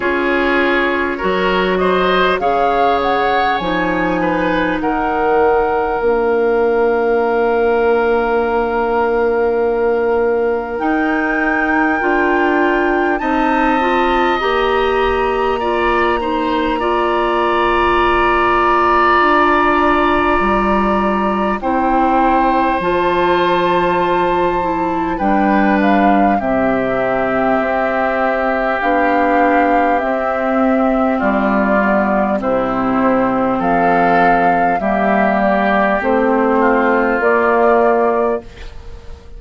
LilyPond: <<
  \new Staff \with { instrumentName = "flute" } { \time 4/4 \tempo 4 = 50 cis''4. dis''8 f''8 fis''8 gis''4 | fis''4 f''2.~ | f''4 g''2 a''4 | ais''1~ |
ais''2 g''4 a''4~ | a''4 g''8 f''8 e''2 | f''4 e''4 d''4 c''4 | f''4 e''8 d''8 c''4 d''4 | }
  \new Staff \with { instrumentName = "oboe" } { \time 4/4 gis'4 ais'8 c''8 cis''4. b'8 | ais'1~ | ais'2. dis''4~ | dis''4 d''8 c''8 d''2~ |
d''2 c''2~ | c''4 b'4 g'2~ | g'2 f'4 e'4 | a'4 g'4. f'4. | }
  \new Staff \with { instrumentName = "clarinet" } { \time 4/4 f'4 fis'4 gis'4 dis'4~ | dis'4 d'2.~ | d'4 dis'4 f'4 dis'8 f'8 | g'4 f'8 dis'8 f'2~ |
f'2 e'4 f'4~ | f'8 e'8 d'4 c'2 | d'4 c'4. b8 c'4~ | c'4 ais4 c'4 ais4 | }
  \new Staff \with { instrumentName = "bassoon" } { \time 4/4 cis'4 fis4 cis4 f4 | dis4 ais2.~ | ais4 dis'4 d'4 c'4 | ais1 |
d'4 g4 c'4 f4~ | f4 g4 c4 c'4 | b4 c'4 g4 c4 | f4 g4 a4 ais4 | }
>>